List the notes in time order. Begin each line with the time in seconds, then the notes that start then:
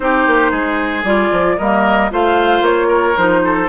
0.00 C4 D#4 G4 C5
0.26 A#3
0.51 G#3 G#4
1.03 G3 F4 D5
1.31 F3
1.58 G3 A#3 A#4 D#5
2.10 A3 F4 C5 F5
2.61 A#3 C#5
2.87 A#4
3.16 F3 D#4 C5
3.44 A4